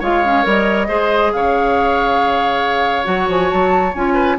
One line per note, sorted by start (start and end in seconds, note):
0.00 0.45 G#3
0.00 0.25 F4
0.00 0.88 C#5
0.00 0.47 F5
0.25 0.44 C#4
0.44 0.89 G3
0.44 0.88 A#4
0.44 1.33 D#5
0.88 1.33 G#3
0.88 3.05 G#4
0.88 1.32 C5
1.33 3.07 C#3
1.33 4.14 C#5
1.33 3.06 F5
3.05 3.28 F#3
3.05 3.92 F#4
3.05 3.28 F#5
3.29 3.51 F3
3.29 3.50 G#5
3.50 3.95 F#3
3.50 3.94 A5
3.95 4.38 C#4
3.95 4.39 F4
3.95 4.39 G#5
4.14 4.36 B4